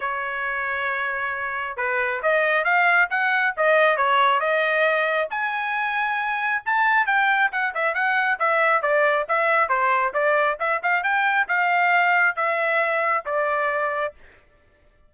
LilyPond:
\new Staff \with { instrumentName = "trumpet" } { \time 4/4 \tempo 4 = 136 cis''1 | b'4 dis''4 f''4 fis''4 | dis''4 cis''4 dis''2 | gis''2. a''4 |
g''4 fis''8 e''8 fis''4 e''4 | d''4 e''4 c''4 d''4 | e''8 f''8 g''4 f''2 | e''2 d''2 | }